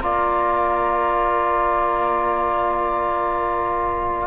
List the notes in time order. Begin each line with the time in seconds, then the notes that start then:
0.00 A#3 F4 D5 A#5